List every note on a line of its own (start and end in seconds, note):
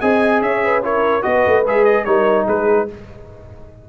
0.00 0.41 C4
0.00 0.82 G#4
0.00 0.41 D#5
0.00 0.41 G#5
0.41 1.23 C#4
0.41 0.65 C#5
0.41 0.82 E5
0.65 0.84 B4
0.82 1.22 E4
0.82 1.24 A#4
0.82 1.22 C#5
1.22 1.45 B3
1.22 1.62 F#4
1.22 2.06 B4
1.22 1.63 D#5
1.46 1.65 A3
1.65 2.05 G#3
1.65 2.06 G#4
1.65 1.84 E5
1.84 2.04 D#5
2.04 2.46 G3
2.04 2.87 D#4
2.04 2.46 A#4
2.04 2.45 C#5
2.46 2.88 G#3
2.46 2.87 G#4
2.46 2.89 B4